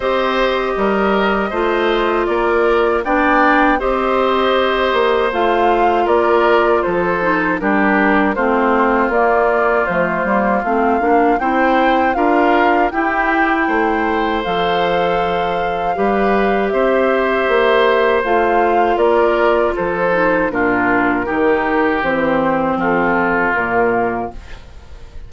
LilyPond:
<<
  \new Staff \with { instrumentName = "flute" } { \time 4/4 \tempo 4 = 79 dis''2. d''4 | g''4 dis''2 f''4 | d''4 c''4 ais'4 c''4 | d''4 c''4 f''4 g''4 |
f''4 g''2 f''4~ | f''2 e''2 | f''4 d''4 c''4 ais'4~ | ais'4 c''4 a'4 ais'4 | }
  \new Staff \with { instrumentName = "oboe" } { \time 4/4 c''4 ais'4 c''4 ais'4 | d''4 c''2. | ais'4 a'4 g'4 f'4~ | f'2. c''4 |
ais'4 g'4 c''2~ | c''4 b'4 c''2~ | c''4 ais'4 a'4 f'4 | g'2 f'2 | }
  \new Staff \with { instrumentName = "clarinet" } { \time 4/4 g'2 f'2 | d'4 g'2 f'4~ | f'4. dis'8 d'4 c'4 | ais4 a8 ais8 c'8 d'8 e'4 |
f'4 e'2 a'4~ | a'4 g'2. | f'2~ f'8 dis'8 d'4 | dis'4 c'2 ais4 | }
  \new Staff \with { instrumentName = "bassoon" } { \time 4/4 c'4 g4 a4 ais4 | b4 c'4. ais8 a4 | ais4 f4 g4 a4 | ais4 f8 g8 a8 ais8 c'4 |
d'4 e'4 a4 f4~ | f4 g4 c'4 ais4 | a4 ais4 f4 ais,4 | dis4 e4 f4 ais,4 | }
>>